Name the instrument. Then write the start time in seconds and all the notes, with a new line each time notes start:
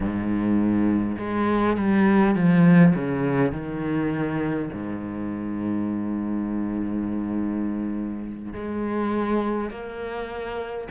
cello
0.00 G#2
1.18 G#3
1.76 G3
2.35 F3
2.95 C#3
3.51 D#3
4.73 G#2
8.53 G#3
9.70 A#3